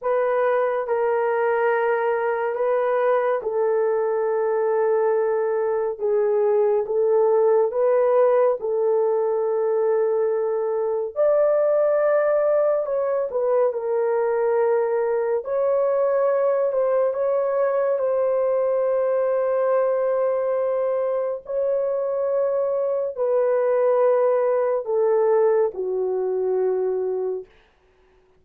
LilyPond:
\new Staff \with { instrumentName = "horn" } { \time 4/4 \tempo 4 = 70 b'4 ais'2 b'4 | a'2. gis'4 | a'4 b'4 a'2~ | a'4 d''2 cis''8 b'8 |
ais'2 cis''4. c''8 | cis''4 c''2.~ | c''4 cis''2 b'4~ | b'4 a'4 fis'2 | }